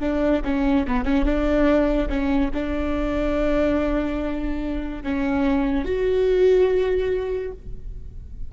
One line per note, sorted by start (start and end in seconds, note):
0.00 0.42 D4
0.44 0.86 C#4
0.87 1.05 B3
1.05 1.25 C#4
1.25 2.08 D4
2.09 2.51 C#4
2.54 5.03 D4
5.03 5.85 C#4
5.85 7.52 F#4